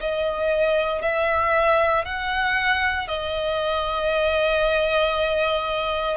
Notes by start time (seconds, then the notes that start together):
0.00 D#5
1.02 E5
2.05 F#5
3.08 D#5